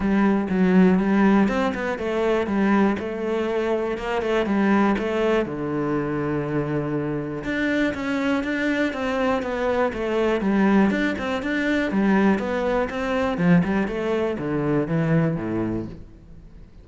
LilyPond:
\new Staff \with { instrumentName = "cello" } { \time 4/4 \tempo 4 = 121 g4 fis4 g4 c'8 b8 | a4 g4 a2 | ais8 a8 g4 a4 d4~ | d2. d'4 |
cis'4 d'4 c'4 b4 | a4 g4 d'8 c'8 d'4 | g4 b4 c'4 f8 g8 | a4 d4 e4 a,4 | }